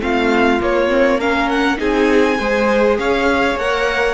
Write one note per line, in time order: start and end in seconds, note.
0.00 0.60 A3
0.00 0.59 C4
0.00 1.18 F4
0.00 0.61 F5
0.60 0.88 A#3
0.60 1.80 A#3
0.60 1.20 C#5
0.88 1.18 C4
1.18 1.77 C#4
1.18 1.78 A#4
1.18 1.49 F5
1.49 1.78 F#5
1.77 2.39 C4
1.77 2.36 D#4
1.77 2.38 G#4
1.77 2.99 G#5
2.38 2.98 G#3
2.38 3.59 G#4
2.38 2.98 C5
2.99 3.55 C#4
2.99 4.14 C#5
2.99 3.58 F5
3.55 4.14 A#3
3.55 4.14 A#4
3.55 4.14 F#5